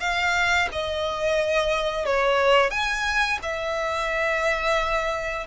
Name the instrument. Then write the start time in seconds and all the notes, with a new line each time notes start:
violin
0.00 F5
0.72 D#5
2.05 C#5
2.70 G#5
3.42 E5